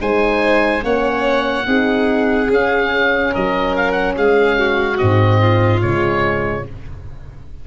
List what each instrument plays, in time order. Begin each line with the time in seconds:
0.00 tuba G#3, horn D#4, violin C5, oboe G#5
0.80 tuba A#3, horn C#4, violin C#5, oboe F#5
1.65 tuba C4, horn D#4, violin G#4
2.48 horn C#4, tuba C#4, oboe F5
3.31 tuba F#3, violin A#4, oboe D#5
3.76 oboe F5
3.91 oboe F#5
4.16 tuba G#3, violin G#4, oboe F5
4.58 violin F#4
4.97 tuba G#2, horn C4, oboe D#5
5.40 violin F4
5.80 tuba C#3, horn G#3, oboe C#5